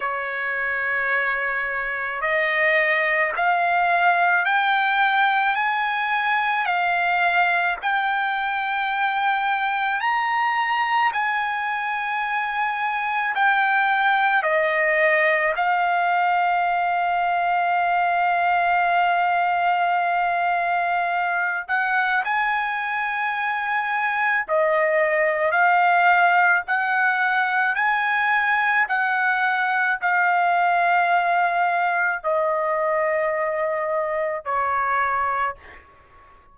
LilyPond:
\new Staff \with { instrumentName = "trumpet" } { \time 4/4 \tempo 4 = 54 cis''2 dis''4 f''4 | g''4 gis''4 f''4 g''4~ | g''4 ais''4 gis''2 | g''4 dis''4 f''2~ |
f''2.~ f''8 fis''8 | gis''2 dis''4 f''4 | fis''4 gis''4 fis''4 f''4~ | f''4 dis''2 cis''4 | }